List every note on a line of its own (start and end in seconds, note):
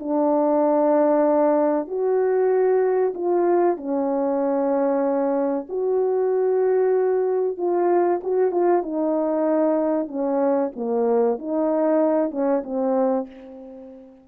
0.00 1.88 D4
1.88 3.14 F#4
3.15 3.78 F4
3.78 5.67 C#4
5.70 7.58 F#4
7.58 8.21 F4
8.24 8.52 F#4
8.52 8.83 F4
8.83 10.08 D#4
10.08 10.71 C#4
10.76 11.39 A#3
11.39 12.31 D#4
12.31 12.63 C#4
12.64 13.27 C4